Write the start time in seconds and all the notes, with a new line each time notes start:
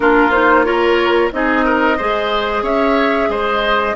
0.00 A#3 D4 F4 A#4
0.30 D#4 C5
0.64 F4 A#4 C#5
1.31 C4 D#4 G#4 D#5
1.65 A#4
1.97 G#3 G#4 C5
2.62 C#4 C#5 E5
3.28 G#3 C5 D#5